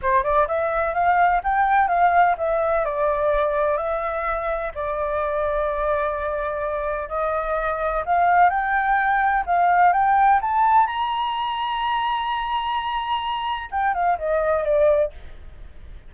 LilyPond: \new Staff \with { instrumentName = "flute" } { \time 4/4 \tempo 4 = 127 c''8 d''8 e''4 f''4 g''4 | f''4 e''4 d''2 | e''2 d''2~ | d''2. dis''4~ |
dis''4 f''4 g''2 | f''4 g''4 a''4 ais''4~ | ais''1~ | ais''4 g''8 f''8 dis''4 d''4 | }